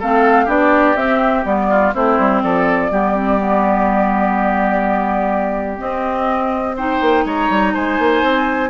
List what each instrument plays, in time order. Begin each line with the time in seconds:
0.00 bassoon A3, clarinet C4, oboe A4, flute F5
0.45 bassoon B3, clarinet D4, oboe G4, flute D5
0.96 bassoon C4, clarinet C4, flute E5
1.45 bassoon G3, clarinet B3, flute D5
1.71 oboe F4
1.95 bassoon A3, clarinet C4, oboe E4, flute C5
2.19 bassoon G3
2.43 bassoon F3, oboe A4, flute D5
2.91 bassoon G3, clarinet B3, oboe G4
3.16 clarinet C4
3.38 clarinet B3
5.79 clarinet C4, bassoon C4, flute D#5
6.76 clarinet D#4, oboe C5, flute G5
7.02 bassoon A#3
7.25 bassoon G#3, oboe C#5, flute A#5
7.50 bassoon G3
7.74 bassoon G#3, oboe C5, flute G#5
7.99 bassoon A#3
8.23 bassoon C4